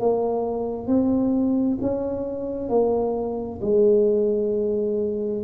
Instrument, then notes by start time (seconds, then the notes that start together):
tuba
0.00 A#3
0.87 C4
1.81 C#4
2.69 A#3
3.62 G#3